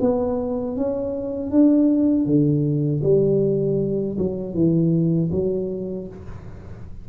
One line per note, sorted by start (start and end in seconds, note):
0.00 0.76 B3
0.76 1.51 C#4
1.51 2.25 D4
2.25 3.01 D3
3.03 4.17 G3
4.18 4.54 F#3
4.54 5.30 E3
5.31 6.07 F#3